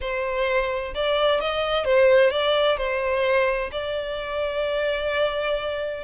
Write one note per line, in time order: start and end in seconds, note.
0.00 0.93 C5
0.94 1.40 D5
1.40 1.84 D#5
1.84 2.30 C5
2.30 2.77 D5
2.77 3.70 C5
3.71 6.04 D5